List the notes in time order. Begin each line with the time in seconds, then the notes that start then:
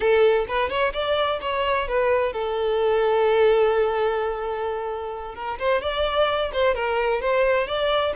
0.00 A4
0.48 B4
0.69 C#5
0.93 D5
1.41 C#5
1.88 B4
2.33 A4
5.35 A#4
5.58 C5
5.81 D5
6.52 C5
6.74 A#4
7.21 C5
7.67 D5